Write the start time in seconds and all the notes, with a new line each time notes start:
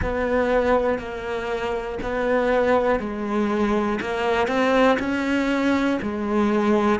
0.01 B3
0.99 A#3
2.02 B3
3.00 G#3
4.00 A#3
4.47 C4
4.99 C#4
6.01 G#3